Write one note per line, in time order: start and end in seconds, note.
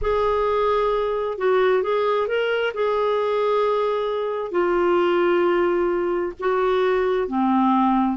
0.01 1.38 G#4
1.38 1.82 F#4
1.82 2.27 G#4
2.27 2.73 A#4
2.74 4.51 G#4
4.51 6.33 F4
6.39 7.27 F#4
7.27 8.17 C4